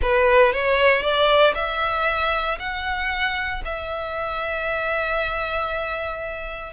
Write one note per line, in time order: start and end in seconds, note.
0.02 0.53 B4
0.53 1.02 C#5
1.02 1.53 D5
1.54 2.58 E5
2.59 3.62 F#5
3.64 6.73 E5